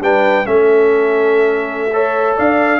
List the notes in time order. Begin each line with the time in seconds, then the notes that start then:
0.00 G3 D4 B4 G5
0.45 A3 C#4 A4 E5
1.92 A4 C#5
2.36 D4 D5 F5